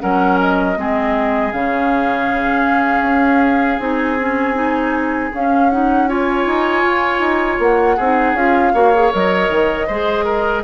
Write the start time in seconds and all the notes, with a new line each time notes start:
0.00 F#3 C#4 A#4 F#5
0.40 D#5
0.76 G#3 C4 G#4
1.53 C#3 C#4 F5
3.03 C#4
3.79 C4 D#4 G#5
4.19 C#4
4.54 D#4
5.34 C#4 F5
5.70 D#4 F#5
6.08 F4 C#5 G#5
6.47 D#4
6.83 F4
7.20 D#4
7.59 A#3 F#5
7.97 C4 D#4 G#4
8.34 C#4 F4 F5
8.74 A#3 F#4 C#5
8.95 G#4
9.12 F#3 A#4 D#5
9.49 D#3
9.87 G#3 G#4 C5
10.25 A#4